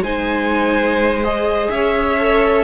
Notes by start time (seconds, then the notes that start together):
0.00 G#3 D#4 C5 G#5
1.24 G#4 D#5
1.70 C#4 C#5 E5
2.19 A4